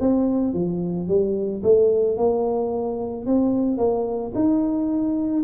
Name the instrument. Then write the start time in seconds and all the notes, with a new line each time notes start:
tuba
0.00 C4
0.54 F3
1.08 G3
1.63 A3
2.17 A#3
3.26 C4
3.78 A#3
4.35 D#4